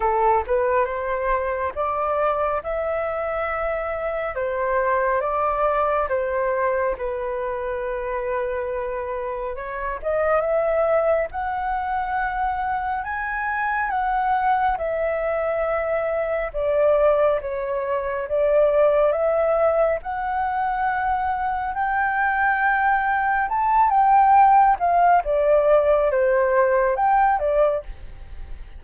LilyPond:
\new Staff \with { instrumentName = "flute" } { \time 4/4 \tempo 4 = 69 a'8 b'8 c''4 d''4 e''4~ | e''4 c''4 d''4 c''4 | b'2. cis''8 dis''8 | e''4 fis''2 gis''4 |
fis''4 e''2 d''4 | cis''4 d''4 e''4 fis''4~ | fis''4 g''2 a''8 g''8~ | g''8 f''8 d''4 c''4 g''8 d''8 | }